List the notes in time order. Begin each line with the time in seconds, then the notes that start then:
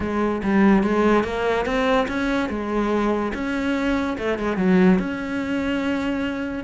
0.00 G#3
0.43 G3
0.83 G#3
1.24 A#3
1.65 C4
2.08 C#4
2.49 G#3
3.33 C#4
4.18 A3
4.38 G#3
4.57 F#3
4.98 C#4